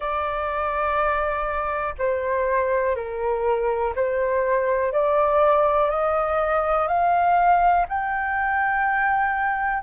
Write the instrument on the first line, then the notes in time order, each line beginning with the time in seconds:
flute
0.00 D5
1.98 C5
2.95 A#4
3.95 C5
4.92 D5
5.90 D#5
6.87 F5
7.88 G5